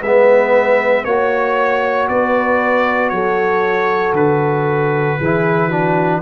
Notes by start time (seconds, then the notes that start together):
0.00 G#3 B3 B4 E5
1.04 A#3 F#4 C#5
2.08 B3 B4 D5
3.09 F#3 A4 C#5
4.12 D3 B4
5.19 E3 E4 G#4
5.67 D4 F#4